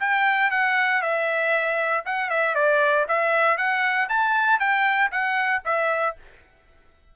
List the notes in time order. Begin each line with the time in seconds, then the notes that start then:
0.00 G5
0.51 F#5
1.02 E5
2.06 F#5
2.30 E5
2.55 D5
3.09 E5
3.58 F#5
4.09 A5
4.60 G5
5.12 F#5
5.65 E5